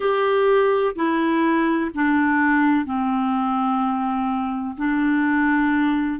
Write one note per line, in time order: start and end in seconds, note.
0.00 0.95 G4
0.95 1.90 E4
1.94 2.85 D4
2.85 4.75 C4
4.77 6.19 D4